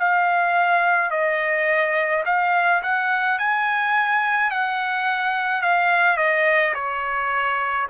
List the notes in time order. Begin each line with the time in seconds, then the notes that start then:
0.00 F5
1.11 D#5
2.26 F5
2.83 F#5
3.39 G#5
4.51 F#5
5.62 F5
6.17 D#5
6.75 C#5